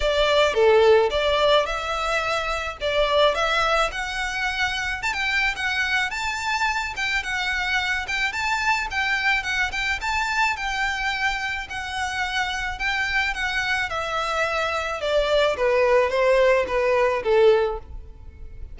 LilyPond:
\new Staff \with { instrumentName = "violin" } { \time 4/4 \tempo 4 = 108 d''4 a'4 d''4 e''4~ | e''4 d''4 e''4 fis''4~ | fis''4 a''16 g''8. fis''4 a''4~ | a''8 g''8 fis''4. g''8 a''4 |
g''4 fis''8 g''8 a''4 g''4~ | g''4 fis''2 g''4 | fis''4 e''2 d''4 | b'4 c''4 b'4 a'4 | }